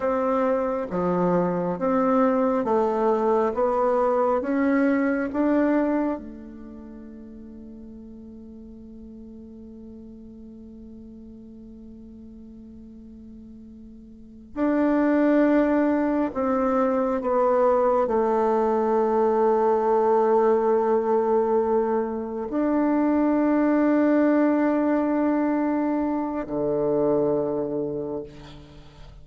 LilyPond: \new Staff \with { instrumentName = "bassoon" } { \time 4/4 \tempo 4 = 68 c'4 f4 c'4 a4 | b4 cis'4 d'4 a4~ | a1~ | a1~ |
a8 d'2 c'4 b8~ | b8 a2.~ a8~ | a4. d'2~ d'8~ | d'2 d2 | }